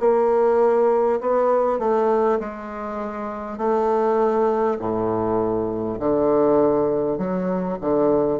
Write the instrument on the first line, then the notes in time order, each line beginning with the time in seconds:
bassoon
0.00 A#3
1.21 B3
1.79 A3
2.39 G#3
3.58 A3
4.79 A2
5.99 D3
7.18 F#3
7.81 D3